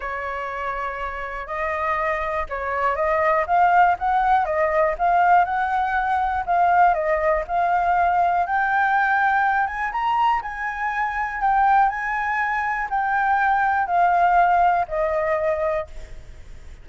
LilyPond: \new Staff \with { instrumentName = "flute" } { \time 4/4 \tempo 4 = 121 cis''2. dis''4~ | dis''4 cis''4 dis''4 f''4 | fis''4 dis''4 f''4 fis''4~ | fis''4 f''4 dis''4 f''4~ |
f''4 g''2~ g''8 gis''8 | ais''4 gis''2 g''4 | gis''2 g''2 | f''2 dis''2 | }